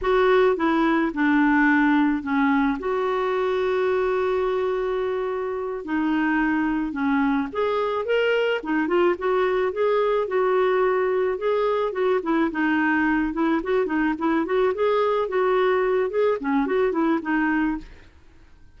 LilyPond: \new Staff \with { instrumentName = "clarinet" } { \time 4/4 \tempo 4 = 108 fis'4 e'4 d'2 | cis'4 fis'2.~ | fis'2~ fis'8 dis'4.~ | dis'8 cis'4 gis'4 ais'4 dis'8 |
f'8 fis'4 gis'4 fis'4.~ | fis'8 gis'4 fis'8 e'8 dis'4. | e'8 fis'8 dis'8 e'8 fis'8 gis'4 fis'8~ | fis'4 gis'8 cis'8 fis'8 e'8 dis'4 | }